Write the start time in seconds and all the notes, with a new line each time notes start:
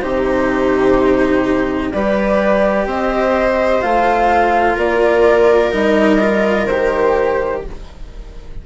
0.00 C3 D#4 G4 C5
1.91 G3 G4 B4 D5
2.85 C4 C5 D#5
3.81 A3 F4 F5
4.75 A#3 A#4 D5
5.71 G3 D#4 D#5
6.20 F4
6.66 D#3 G4 C5